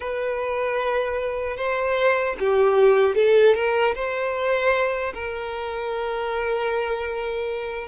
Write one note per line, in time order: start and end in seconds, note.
0.00 1.56 B4
1.56 2.35 C5
2.39 3.15 G4
3.15 3.55 A4
3.55 3.94 A#4
3.94 5.13 C5
5.14 7.87 A#4